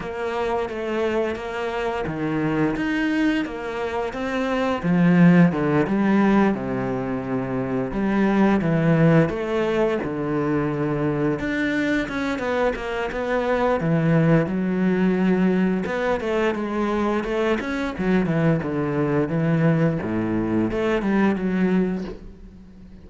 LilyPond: \new Staff \with { instrumentName = "cello" } { \time 4/4 \tempo 4 = 87 ais4 a4 ais4 dis4 | dis'4 ais4 c'4 f4 | d8 g4 c2 g8~ | g8 e4 a4 d4.~ |
d8 d'4 cis'8 b8 ais8 b4 | e4 fis2 b8 a8 | gis4 a8 cis'8 fis8 e8 d4 | e4 a,4 a8 g8 fis4 | }